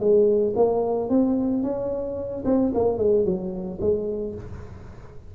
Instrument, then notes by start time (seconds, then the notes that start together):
tuba
0.00 G#3
0.56 A#3
1.09 C4
1.63 C#4
2.45 C4
2.74 A#3
2.98 G#3
3.25 F#3
3.81 G#3